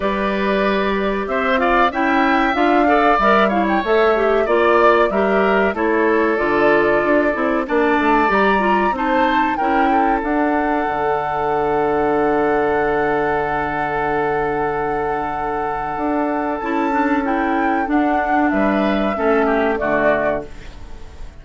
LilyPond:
<<
  \new Staff \with { instrumentName = "flute" } { \time 4/4 \tempo 4 = 94 d''2 e''8 f''8 g''4 | f''4 e''8 f''16 g''16 e''4 d''4 | e''4 cis''4 d''2 | a''4 ais''4 a''4 g''4 |
fis''1~ | fis''1~ | fis''2 a''4 g''4 | fis''4 e''2 d''4 | }
  \new Staff \with { instrumentName = "oboe" } { \time 4/4 b'2 c''8 d''8 e''4~ | e''8 d''4 cis''4. d''4 | ais'4 a'2. | d''2 c''4 ais'8 a'8~ |
a'1~ | a'1~ | a'1~ | a'4 b'4 a'8 g'8 fis'4 | }
  \new Staff \with { instrumentName = "clarinet" } { \time 4/4 g'2~ g'8 f'8 e'4 | f'8 a'8 ais'8 e'8 a'8 g'8 f'4 | g'4 e'4 f'4. e'8 | d'4 g'8 f'8 dis'4 e'4 |
d'1~ | d'1~ | d'2 e'8 d'8 e'4 | d'2 cis'4 a4 | }
  \new Staff \with { instrumentName = "bassoon" } { \time 4/4 g2 c'4 cis'4 | d'4 g4 a4 ais4 | g4 a4 d4 d'8 c'8 | ais8 a8 g4 c'4 cis'4 |
d'4 d2.~ | d1~ | d4 d'4 cis'2 | d'4 g4 a4 d4 | }
>>